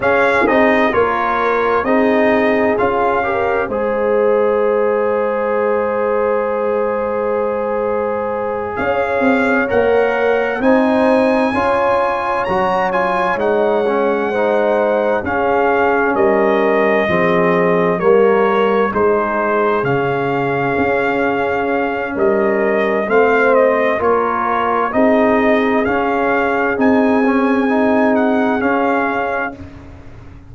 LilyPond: <<
  \new Staff \with { instrumentName = "trumpet" } { \time 4/4 \tempo 4 = 65 f''8 dis''8 cis''4 dis''4 f''4 | dis''1~ | dis''4. f''4 fis''4 gis''8~ | gis''4. ais''8 gis''8 fis''4.~ |
fis''8 f''4 dis''2 cis''8~ | cis''8 c''4 f''2~ f''8 | dis''4 f''8 dis''8 cis''4 dis''4 | f''4 gis''4. fis''8 f''4 | }
  \new Staff \with { instrumentName = "horn" } { \time 4/4 gis'4 ais'4 gis'4. ais'8 | c''1~ | c''4. cis''2 c''8~ | c''8 cis''2. c''8~ |
c''8 gis'4 ais'4 gis'4 ais'8~ | ais'8 gis'2.~ gis'8 | ais'4 c''4 ais'4 gis'4~ | gis'1 | }
  \new Staff \with { instrumentName = "trombone" } { \time 4/4 cis'8 dis'8 f'4 dis'4 f'8 g'8 | gis'1~ | gis'2~ gis'8 ais'4 dis'8~ | dis'8 f'4 fis'8 f'8 dis'8 cis'8 dis'8~ |
dis'8 cis'2 c'4 ais8~ | ais8 dis'4 cis'2~ cis'8~ | cis'4 c'4 f'4 dis'4 | cis'4 dis'8 cis'8 dis'4 cis'4 | }
  \new Staff \with { instrumentName = "tuba" } { \time 4/4 cis'8 c'8 ais4 c'4 cis'4 | gis1~ | gis4. cis'8 c'8 ais4 c'8~ | c'8 cis'4 fis4 gis4.~ |
gis8 cis'4 g4 f4 g8~ | g8 gis4 cis4 cis'4. | g4 a4 ais4 c'4 | cis'4 c'2 cis'4 | }
>>